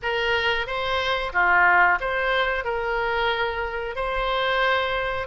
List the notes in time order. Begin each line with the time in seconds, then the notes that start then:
0.02 A#4
0.66 C5
1.32 F4
2.00 C5
2.64 A#4
3.95 C5